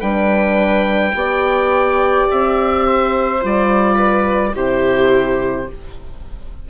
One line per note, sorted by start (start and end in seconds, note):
0.00 1.14 G3
0.00 1.15 D4
0.00 1.13 B4
0.00 2.27 G5
1.14 2.27 B3
1.14 3.41 G4
1.14 2.87 D5
2.31 3.44 C4
2.31 3.44 E5
2.87 3.94 C5
3.41 4.55 G3
3.41 4.54 F4
3.41 4.56 D5
3.94 4.51 B4
4.54 5.68 C3
4.54 5.67 E4
4.54 5.67 G4
4.54 5.70 C5